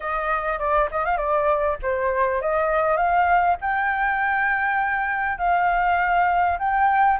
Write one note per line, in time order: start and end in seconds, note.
0.00 0.58 D#5
0.58 0.88 D5
0.91 1.05 D#5
1.05 1.17 F5
1.17 1.77 D5
1.82 2.41 C5
2.41 2.96 D#5
2.96 3.56 F5
3.61 5.38 G5
5.38 6.58 F5
6.58 7.18 G5